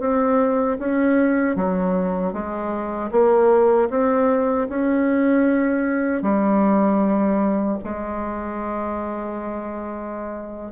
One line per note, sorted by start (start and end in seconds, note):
0.00 0.78 C4
0.79 1.56 C#4
1.56 2.33 F#3
2.33 3.11 G#3
3.11 3.89 A#3
3.90 4.68 C4
4.69 6.22 C#4
6.22 7.78 G3
7.84 10.72 G#3